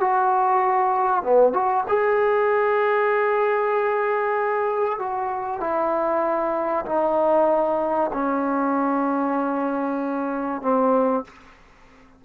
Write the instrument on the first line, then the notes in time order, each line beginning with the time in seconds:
trombone
0.00 F#4
1.23 B3
1.53 F#4
1.88 G#4
4.99 F#4
5.60 E4
6.86 D#4
8.13 C#4
10.62 C4